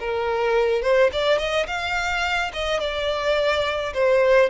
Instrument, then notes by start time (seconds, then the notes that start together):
violin
0.00 A#4
0.82 C5
1.13 D5
1.39 D#5
1.67 F5
2.53 D#5
2.80 D5
3.94 C5